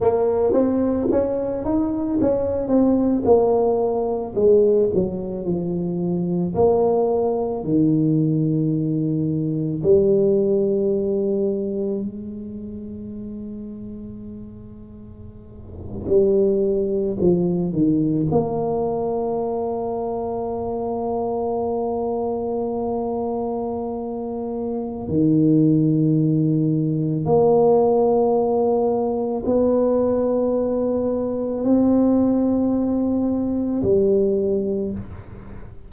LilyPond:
\new Staff \with { instrumentName = "tuba" } { \time 4/4 \tempo 4 = 55 ais8 c'8 cis'8 dis'8 cis'8 c'8 ais4 | gis8 fis8 f4 ais4 dis4~ | dis4 g2 gis4~ | gis2~ gis8. g4 f16~ |
f16 dis8 ais2.~ ais16~ | ais2. dis4~ | dis4 ais2 b4~ | b4 c'2 g4 | }